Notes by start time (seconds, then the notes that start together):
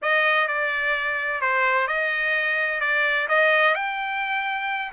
0.01 D#5
0.47 D5
1.41 C5
1.87 D#5
2.80 D5
3.28 D#5
3.74 G5